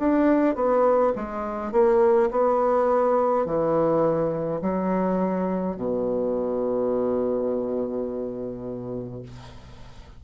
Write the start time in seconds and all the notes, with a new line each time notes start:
0.00 D4
0.56 B3
1.16 G#3
1.73 A#3
2.31 B3
3.46 E3
4.62 F#3
5.77 B2